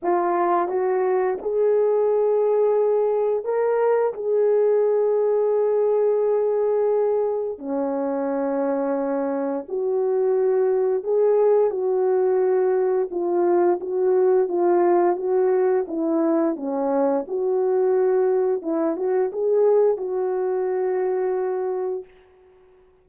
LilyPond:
\new Staff \with { instrumentName = "horn" } { \time 4/4 \tempo 4 = 87 f'4 fis'4 gis'2~ | gis'4 ais'4 gis'2~ | gis'2. cis'4~ | cis'2 fis'2 |
gis'4 fis'2 f'4 | fis'4 f'4 fis'4 e'4 | cis'4 fis'2 e'8 fis'8 | gis'4 fis'2. | }